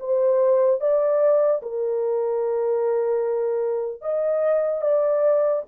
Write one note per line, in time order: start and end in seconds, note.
0.00 0.81 C5
0.81 1.62 D5
1.63 4.01 A#4
4.01 4.82 D#5
4.82 5.63 D5